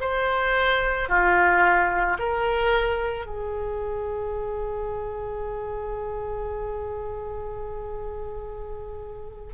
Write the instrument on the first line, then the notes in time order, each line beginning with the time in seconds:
oboe
0.00 C5
1.08 F4
2.18 A#4
3.26 G#4